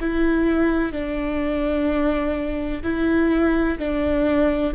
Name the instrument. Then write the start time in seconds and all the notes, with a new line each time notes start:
viola
0.00 E4
0.92 D4
2.83 E4
3.78 D4